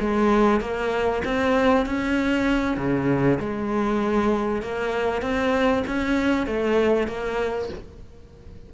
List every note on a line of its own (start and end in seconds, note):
0.00 0.60 G#3
0.60 1.22 A#3
1.25 1.86 C4
1.86 2.77 C#4
2.77 3.39 C#3
3.40 4.62 G#3
4.62 5.22 A#3
5.22 5.83 C4
5.87 6.46 C#4
6.46 7.07 A3
7.07 7.69 A#3